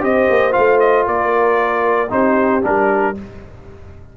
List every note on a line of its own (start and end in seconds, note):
0.00 0.27 C4
0.00 0.51 G4
0.00 1.07 C5
0.00 0.52 D#5
0.29 0.55 A#3
0.51 2.07 F4
0.51 0.78 F5
0.58 1.06 A3
0.79 1.05 D#5
1.06 2.11 A#3
1.06 2.11 A#4
1.06 2.11 D5
2.09 2.63 C4
2.09 2.61 D#4
2.09 3.16 G4
2.09 2.63 C5
2.62 3.16 G3
2.62 3.14 D4
2.62 3.17 A#4